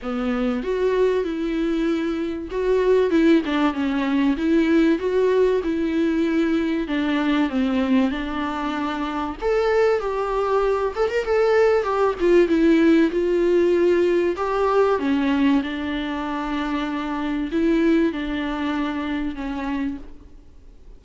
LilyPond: \new Staff \with { instrumentName = "viola" } { \time 4/4 \tempo 4 = 96 b4 fis'4 e'2 | fis'4 e'8 d'8 cis'4 e'4 | fis'4 e'2 d'4 | c'4 d'2 a'4 |
g'4. a'16 ais'16 a'4 g'8 f'8 | e'4 f'2 g'4 | cis'4 d'2. | e'4 d'2 cis'4 | }